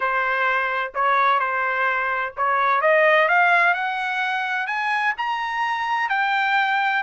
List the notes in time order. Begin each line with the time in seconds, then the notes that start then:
0.00 C5
0.94 C#5
1.39 C5
2.36 C#5
2.81 D#5
3.28 F5
3.74 F#5
4.66 G#5
5.17 A#5
6.09 G5